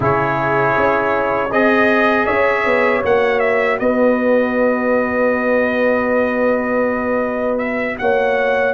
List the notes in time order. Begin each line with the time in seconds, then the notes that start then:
0.00 C#3 E4 G#4 C#5
0.76 C#4
1.50 C4 G#4 D#5
2.26 C#4 C#5 E5
2.65 B3
3.03 A#3 F#4 F#5
3.39 E5
3.79 B3 B4 D#5
7.58 E5
7.98 A#3 C#5 F#5